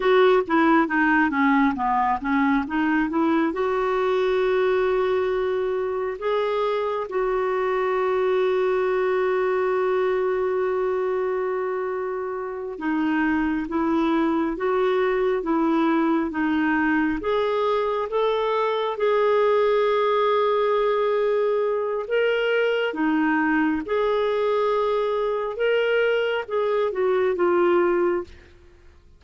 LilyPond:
\new Staff \with { instrumentName = "clarinet" } { \time 4/4 \tempo 4 = 68 fis'8 e'8 dis'8 cis'8 b8 cis'8 dis'8 e'8 | fis'2. gis'4 | fis'1~ | fis'2~ fis'8 dis'4 e'8~ |
e'8 fis'4 e'4 dis'4 gis'8~ | gis'8 a'4 gis'2~ gis'8~ | gis'4 ais'4 dis'4 gis'4~ | gis'4 ais'4 gis'8 fis'8 f'4 | }